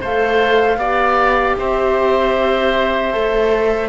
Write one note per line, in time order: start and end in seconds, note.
0.00 0.77 A3
0.00 0.79 A4
0.00 0.78 C5
0.00 1.57 F5
0.77 1.55 B3
0.77 3.12 G4
0.77 1.56 D5
1.57 3.14 C4
1.57 3.89 C5
1.57 3.89 E5
3.12 3.89 A3
3.12 3.89 A4